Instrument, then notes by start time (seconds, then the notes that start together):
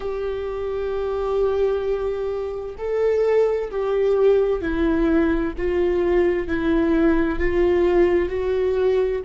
viola
0.00 G4
2.77 A4
3.70 G4
4.61 E4
5.57 F4
6.47 E4
7.39 F4
8.29 F#4